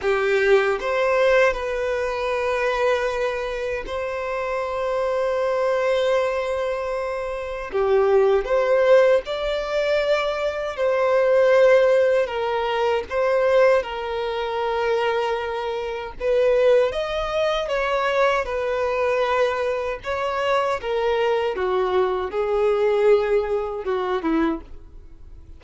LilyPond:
\new Staff \with { instrumentName = "violin" } { \time 4/4 \tempo 4 = 78 g'4 c''4 b'2~ | b'4 c''2.~ | c''2 g'4 c''4 | d''2 c''2 |
ais'4 c''4 ais'2~ | ais'4 b'4 dis''4 cis''4 | b'2 cis''4 ais'4 | fis'4 gis'2 fis'8 e'8 | }